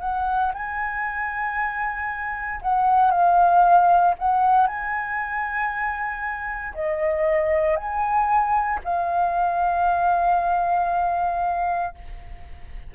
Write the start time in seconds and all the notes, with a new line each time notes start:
0.00 F#5
0.54 G#5
2.61 F#5
3.11 F5
4.18 F#5
4.67 G#5
6.74 D#5
7.76 G#5
8.84 F5